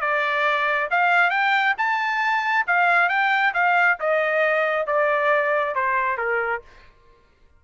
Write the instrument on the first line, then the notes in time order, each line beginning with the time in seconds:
trumpet
0.00 D5
0.90 F5
1.30 G5
1.77 A5
2.67 F5
3.09 G5
3.53 F5
3.99 D#5
4.86 D5
5.75 C5
6.17 A#4